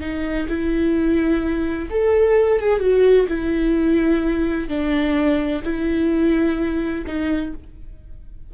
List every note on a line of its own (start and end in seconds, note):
0.00 0.47 D#4
0.48 1.89 E4
1.90 2.60 A4
2.60 2.80 G#4
2.80 3.27 F#4
3.28 4.68 E4
4.68 5.62 D4
5.64 7.05 E4
7.06 7.53 D#4